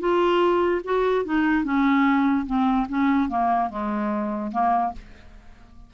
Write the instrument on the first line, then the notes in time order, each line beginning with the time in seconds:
clarinet
0.00 F4
0.84 F#4
1.25 D#4
1.64 C#4
2.47 C4
2.89 C#4
3.29 A#3
3.70 G#3
4.52 A#3